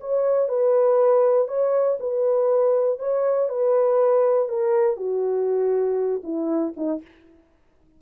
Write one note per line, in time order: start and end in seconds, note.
0.00 0.49 C#5
0.49 1.48 B4
1.48 1.98 C#5
2.00 2.99 B4
2.99 3.49 C#5
3.49 4.49 B4
4.49 4.97 A#4
4.97 6.22 F#4
6.23 6.73 E4
6.77 7.02 D#4